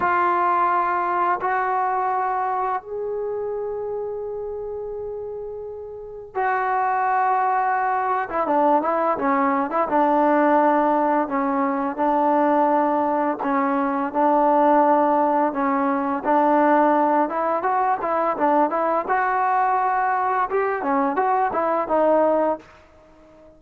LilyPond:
\new Staff \with { instrumentName = "trombone" } { \time 4/4 \tempo 4 = 85 f'2 fis'2 | gis'1~ | gis'4 fis'2~ fis'8. e'16 | d'8 e'8 cis'8. e'16 d'2 |
cis'4 d'2 cis'4 | d'2 cis'4 d'4~ | d'8 e'8 fis'8 e'8 d'8 e'8 fis'4~ | fis'4 g'8 cis'8 fis'8 e'8 dis'4 | }